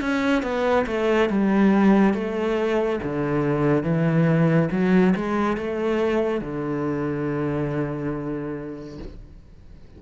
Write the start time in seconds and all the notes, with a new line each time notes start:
0.00 C#4
0.42 B3
0.86 A3
1.29 G3
2.14 A3
3.03 D3
3.83 E3
4.71 F#3
5.16 G#3
5.57 A3
6.41 D3